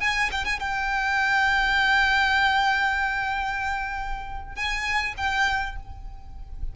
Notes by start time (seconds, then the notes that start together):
0.00 G#5
0.31 G5
0.45 G#5
0.59 G5
4.55 G#5
5.17 G5